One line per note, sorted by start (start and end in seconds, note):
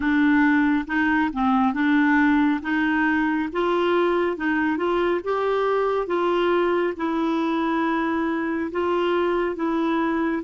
0.00 0.85 D4
0.87 1.30 D#4
1.32 1.73 C4
1.73 2.60 D4
2.62 3.49 D#4
3.52 4.37 F4
4.37 4.77 D#4
4.77 5.20 F4
5.24 6.06 G4
6.06 6.93 F4
6.96 8.70 E4
8.71 9.55 F4
9.55 10.42 E4